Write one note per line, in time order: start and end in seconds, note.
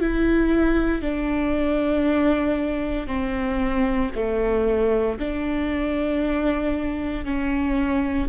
0.00 1.02 E4
1.02 3.07 D4
3.07 4.10 C4
4.15 5.18 A3
5.19 7.24 D4
7.24 8.28 C#4